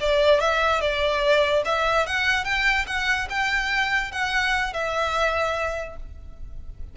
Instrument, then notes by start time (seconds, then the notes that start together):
violin
0.00 D5
0.40 E5
0.81 D5
1.65 E5
2.06 F#5
2.44 G5
2.87 F#5
3.29 G5
4.11 F#5
4.73 E5